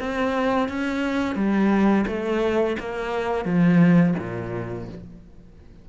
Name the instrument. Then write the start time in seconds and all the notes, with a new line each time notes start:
cello
0.00 C4
0.69 C#4
1.36 G3
2.07 A3
2.80 A#3
3.45 F3
4.19 A#2